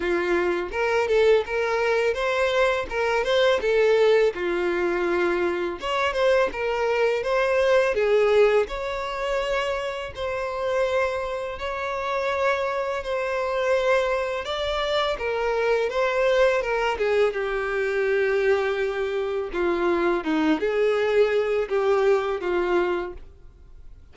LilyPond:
\new Staff \with { instrumentName = "violin" } { \time 4/4 \tempo 4 = 83 f'4 ais'8 a'8 ais'4 c''4 | ais'8 c''8 a'4 f'2 | cis''8 c''8 ais'4 c''4 gis'4 | cis''2 c''2 |
cis''2 c''2 | d''4 ais'4 c''4 ais'8 gis'8 | g'2. f'4 | dis'8 gis'4. g'4 f'4 | }